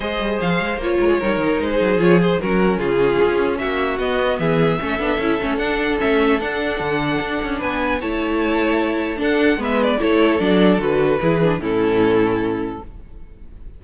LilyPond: <<
  \new Staff \with { instrumentName = "violin" } { \time 4/4 \tempo 4 = 150 dis''4 f''4 cis''2 | c''4 cis''8 c''8 ais'4 gis'4~ | gis'4 e''4 dis''4 e''4~ | e''2 fis''4 e''4 |
fis''2. gis''4 | a''2. fis''4 | e''8 d''8 cis''4 d''4 b'4~ | b'4 a'2. | }
  \new Staff \with { instrumentName = "violin" } { \time 4/4 c''2~ c''8 ais'16 gis'16 ais'4~ | ais'16 gis'4.~ gis'16 fis'4 f'4~ | f'4 fis'2 gis'4 | a'1~ |
a'2. b'4 | cis''2. a'4 | b'4 a'2. | gis'4 e'2. | }
  \new Staff \with { instrumentName = "viola" } { \time 4/4 gis'2 f'4 dis'4~ | dis'4 f'8 gis'8 cis'2~ | cis'2 b2 | cis'8 d'8 e'8 cis'8 d'4 cis'4 |
d'1 | e'2. d'4 | b4 e'4 d'4 fis'4 | e'8 d'8 cis'2. | }
  \new Staff \with { instrumentName = "cello" } { \time 4/4 gis8 g8 f8 gis8 ais8 gis8 g8 dis8 | gis8 fis8 f4 fis4 cis4 | cis'4 ais4 b4 e4 | a8 b8 cis'8 a8 d'4 a4 |
d'4 d4 d'8 cis'8 b4 | a2. d'4 | gis4 a4 fis4 d4 | e4 a,2. | }
>>